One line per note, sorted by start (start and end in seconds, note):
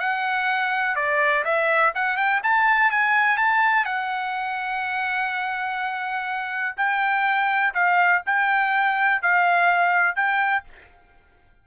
0.00 0.96 F#5
0.96 1.44 D5
1.45 1.93 E5
1.95 2.17 F#5
2.17 2.41 G5
2.44 2.91 A5
2.91 3.38 G#5
3.38 3.86 A5
3.86 6.76 F#5
6.77 7.74 G5
7.74 8.23 F5
8.26 9.22 G5
9.22 10.16 F5
10.16 10.64 G5